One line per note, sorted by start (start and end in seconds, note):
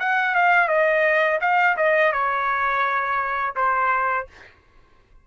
0.00 0.35 F#5
0.35 0.68 F5
0.68 1.40 D#5
1.41 1.77 F5
1.77 2.12 D#5
2.12 3.55 C#5
3.56 4.27 C5